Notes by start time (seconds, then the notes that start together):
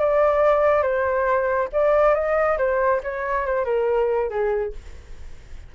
0.00 D5
0.83 C5
1.73 D5
2.15 D#5
2.58 C5
3.04 C#5
3.46 C5
3.65 A#4
4.30 G#4